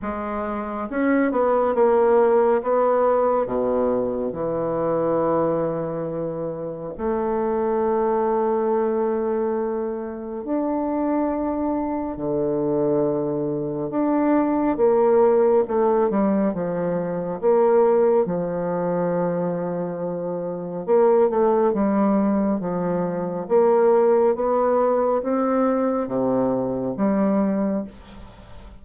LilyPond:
\new Staff \with { instrumentName = "bassoon" } { \time 4/4 \tempo 4 = 69 gis4 cis'8 b8 ais4 b4 | b,4 e2. | a1 | d'2 d2 |
d'4 ais4 a8 g8 f4 | ais4 f2. | ais8 a8 g4 f4 ais4 | b4 c'4 c4 g4 | }